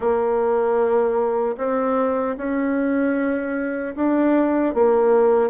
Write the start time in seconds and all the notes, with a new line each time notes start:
0.00 A#3
1.57 C4
2.37 C#4
3.95 D4
4.74 A#3